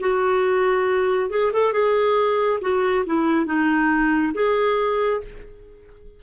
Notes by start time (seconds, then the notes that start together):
0.00 F#4
1.30 G#4
1.53 A4
1.73 G#4
2.61 F#4
3.06 E4
3.46 D#4
4.34 G#4